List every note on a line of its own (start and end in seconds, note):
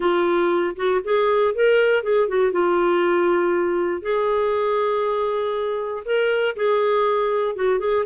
0.00 0.75 F4
0.76 1.01 F#4
1.03 1.54 G#4
1.54 2.03 A#4
2.03 2.28 G#4
2.28 2.52 F#4
2.52 4.02 F4
4.02 6.03 G#4
6.05 6.55 A#4
6.56 7.55 G#4
7.55 7.79 F#4
7.79 8.04 G#4